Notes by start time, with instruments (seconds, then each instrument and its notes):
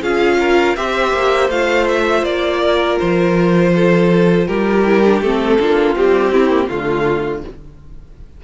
0.00 cello C#4, viola F4, violin G#4 F5
0.39 violin A#4
0.75 cello C4, viola G4, violin C5 E5
1.13 cello A#3
1.49 cello A3, viola F4, violin F5
1.87 violin E5
2.22 cello A#3, violin D5
2.60 violin A#4
2.99 cello F3, violin C5
3.75 violin A4
4.47 cello G3, violin G4 A#4
4.85 viola E4
5.05 viola D4
5.21 cello A3, viola C4, violin A4
5.59 cello A#3, viola D4, violin F4
5.95 viola G3, cello C4, violin G4
6.31 viola C4, violin E4
6.49 viola A#3
6.67 cello D3, viola A3, violin F4